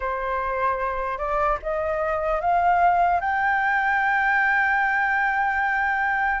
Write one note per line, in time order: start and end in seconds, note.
0.00 1.18 C5
1.18 1.58 D5
1.62 2.40 D#5
2.40 3.20 F5
3.20 6.40 G5